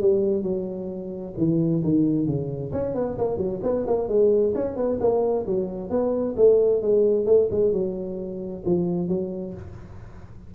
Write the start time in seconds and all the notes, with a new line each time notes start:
0.00 G3
0.42 F#3
1.37 E3
1.83 D#3
2.26 C#3
2.72 C#4
2.94 B3
3.18 A#3
3.37 F#3
3.63 B3
3.86 A#3
4.08 G#3
4.55 C#4
4.76 B3
5.00 A#3
5.46 F#3
5.89 B3
6.36 A3
6.82 G#3
7.25 A3
7.51 G#3
7.72 F#3
8.65 F3
9.08 F#3